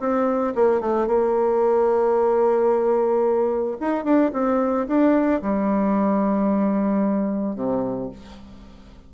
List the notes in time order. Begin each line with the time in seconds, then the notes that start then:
0.00 C4
0.55 A#3
0.81 A3
1.07 A#3
3.80 D#4
4.04 D4
4.33 C4
4.87 D4
5.42 G3
7.56 C3